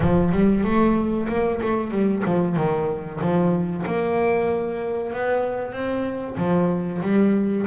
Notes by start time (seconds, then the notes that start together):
0.00 F3
0.32 G3
0.64 A3
1.28 A#3
1.61 A3
1.91 G3
2.25 F3
2.56 D#3
3.20 F3
3.86 A#3
5.13 B3
5.72 C4
6.37 F3
7.02 G3